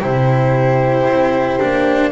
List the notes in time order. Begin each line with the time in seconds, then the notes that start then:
0.00 C3 E4 G4 C5
1.07 C4
1.60 A#3 D4